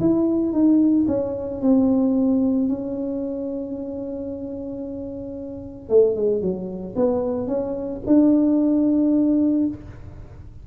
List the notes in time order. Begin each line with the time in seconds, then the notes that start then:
0.00 E4
0.53 D#4
1.08 C#4
1.61 C4
2.68 C#4
5.90 A3
6.16 G#3
6.41 F#3
6.96 B3
7.47 C#4
8.06 D4